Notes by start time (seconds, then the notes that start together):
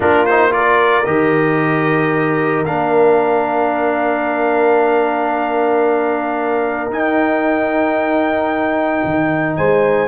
0.00 A#3 D4 F4 A#4
0.25 D#4 C5
0.50 F4 A#4 D5
1.05 D#3 G4 D#5
2.65 A#3 D4 F5
6.88 D#4 G5
9.04 D#3
9.56 G#3 C5 G#5